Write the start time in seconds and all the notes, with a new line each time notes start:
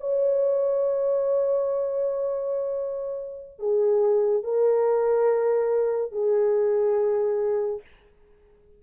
0.00 C#5
3.59 G#4
4.44 A#4
6.12 G#4